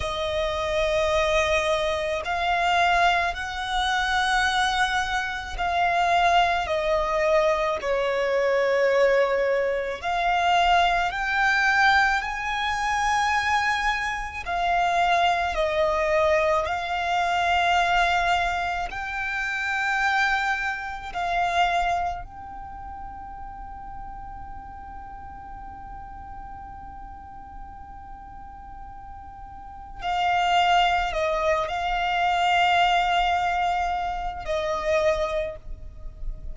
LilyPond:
\new Staff \with { instrumentName = "violin" } { \time 4/4 \tempo 4 = 54 dis''2 f''4 fis''4~ | fis''4 f''4 dis''4 cis''4~ | cis''4 f''4 g''4 gis''4~ | gis''4 f''4 dis''4 f''4~ |
f''4 g''2 f''4 | g''1~ | g''2. f''4 | dis''8 f''2~ f''8 dis''4 | }